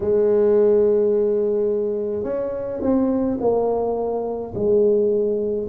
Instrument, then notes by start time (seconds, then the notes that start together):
tuba
0.00 G#3
2.23 C#4
2.81 C4
3.40 A#3
4.54 G#3